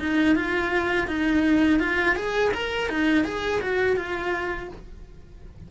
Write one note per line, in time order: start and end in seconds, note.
0.00 0.36 D#4
0.36 1.08 F4
1.08 1.80 D#4
1.80 2.16 F4
2.16 2.52 G#4
2.54 2.89 A#4
2.89 3.25 D#4
3.25 3.61 G#4
3.61 3.97 F#4
3.97 4.69 F4